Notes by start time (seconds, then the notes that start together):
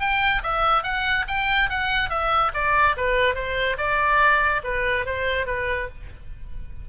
0.00 G5
0.43 E5
0.83 F#5
1.28 G5
1.70 F#5
2.10 E5
2.54 D5
2.97 B4
3.35 C5
3.78 D5
4.64 B4
5.06 C5
5.46 B4